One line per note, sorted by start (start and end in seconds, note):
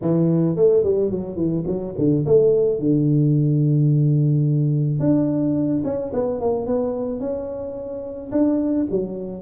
0.01 0.56 E3
0.56 0.83 A3
0.83 1.10 G3
1.10 1.36 F#3
1.36 1.63 E3
1.67 1.94 F#3
1.97 2.25 D3
2.26 2.79 A3
2.79 4.99 D3
4.99 5.83 D4
5.84 6.12 C#4
6.13 6.40 B3
6.40 6.66 A#3
6.66 7.19 B3
7.19 8.31 C#4
8.31 8.87 D4
8.90 9.42 F#3